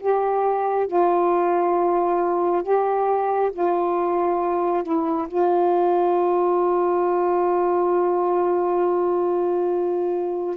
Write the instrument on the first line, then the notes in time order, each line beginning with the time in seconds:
saxophone
0.00 G4
0.87 F4
2.64 G4
3.53 F4
4.84 E4
5.29 F4